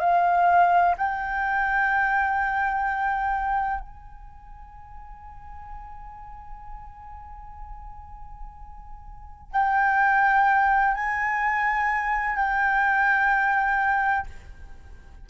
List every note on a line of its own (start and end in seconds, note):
0.00 0.95 F5
0.97 3.81 G5
3.81 9.52 G#5
9.52 10.95 G5
10.95 12.36 G#5
12.36 14.26 G5